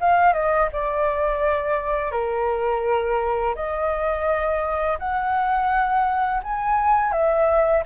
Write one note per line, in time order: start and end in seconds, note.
0.00 0.33 F5
0.33 0.69 D#5
0.72 2.11 D5
2.11 3.54 A#4
3.55 4.98 D#5
4.98 6.41 F#5
6.43 7.12 G#5
7.12 7.83 E5